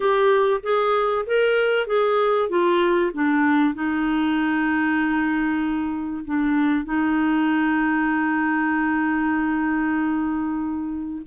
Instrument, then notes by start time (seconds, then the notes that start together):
clarinet
0.00 G4
0.62 G#4
1.26 A#4
1.86 G#4
2.49 F4
3.13 D4
3.74 D#4
6.24 D4
6.84 D#4